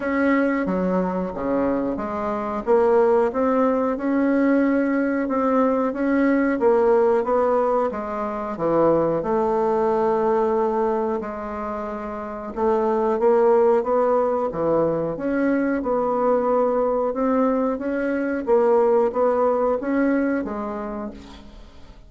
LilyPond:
\new Staff \with { instrumentName = "bassoon" } { \time 4/4 \tempo 4 = 91 cis'4 fis4 cis4 gis4 | ais4 c'4 cis'2 | c'4 cis'4 ais4 b4 | gis4 e4 a2~ |
a4 gis2 a4 | ais4 b4 e4 cis'4 | b2 c'4 cis'4 | ais4 b4 cis'4 gis4 | }